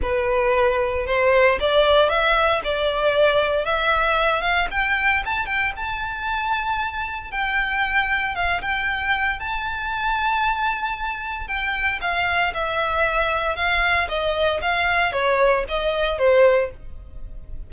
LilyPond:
\new Staff \with { instrumentName = "violin" } { \time 4/4 \tempo 4 = 115 b'2 c''4 d''4 | e''4 d''2 e''4~ | e''8 f''8 g''4 a''8 g''8 a''4~ | a''2 g''2 |
f''8 g''4. a''2~ | a''2 g''4 f''4 | e''2 f''4 dis''4 | f''4 cis''4 dis''4 c''4 | }